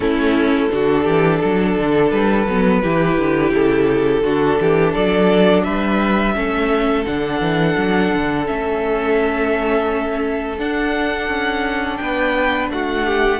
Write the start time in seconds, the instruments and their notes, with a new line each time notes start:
0.00 cello A3, viola C#4, violin E4 A4
0.70 cello D3, viola D4, violin F#4
1.03 cello E3, violin G4
1.40 cello F#3, violin A4
1.77 cello D3
2.10 cello G3, violin B4
2.46 cello F#3, viola B3
2.82 cello E3, viola E4, violin G4
3.17 cello D3
3.51 cello C#3, violin A4
4.22 cello D3, viola D4, violin F#4
4.60 cello E3, violin G4
4.93 cello F#3, violin A4 D5
5.63 cello G3, violin B4 E5
6.34 cello A3, viola C#4, violin A4
7.05 cello D3, viola D4, violin F#5
7.40 cello E3
7.77 cello F#3
8.13 cello D3
8.45 cello A3, viola C#4, violin E5
10.57 viola D4, cello D4, violin F#5
11.28 cello C#4
11.97 cello B3, violin B4 G5
12.70 cello A3, violin F#4 F#5
13.05 violin G4